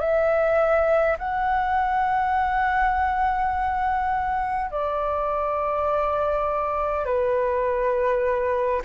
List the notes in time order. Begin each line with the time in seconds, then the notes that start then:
0.00 E5
1.19 F#5
4.72 D5
7.06 B4